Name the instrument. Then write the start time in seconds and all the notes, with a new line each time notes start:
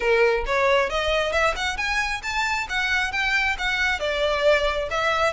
violin
0.00 A#4
0.46 C#5
0.89 D#5
1.32 E5
1.56 F#5
1.77 G#5
2.22 A5
2.69 F#5
3.12 G5
3.58 F#5
3.99 D5
4.90 E5